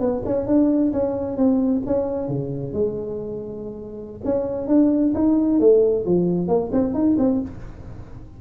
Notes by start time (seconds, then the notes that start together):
0.00 B3
0.26 C#4
0.47 D4
0.93 C#4
1.37 C4
1.86 C#4
2.28 C#3
2.73 G#3
4.25 C#4
4.68 D4
5.14 D#4
5.60 A3
6.06 F3
6.48 A#3
6.72 C4
6.94 D#4
7.18 C4